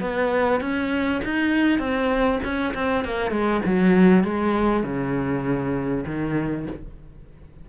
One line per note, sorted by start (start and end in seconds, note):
0.00 0.61 B3
0.61 1.21 C#4
1.24 1.79 D#4
1.79 2.39 C4
2.44 2.74 C#4
2.74 3.05 C4
3.05 3.31 A#3
3.31 3.61 G#3
3.65 4.24 F#3
4.24 4.83 G#3
4.83 6.05 C#3
6.06 6.67 D#3